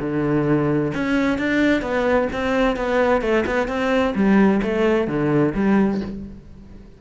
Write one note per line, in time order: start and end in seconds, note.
0.00 0.92 D3
0.94 1.38 C#4
1.38 1.82 D4
1.82 2.28 B3
2.32 2.76 C4
2.76 3.21 B3
3.21 3.44 A3
3.46 3.67 B3
3.67 4.13 C4
4.15 4.61 G3
4.62 5.07 A3
5.07 5.53 D3
5.54 6.01 G3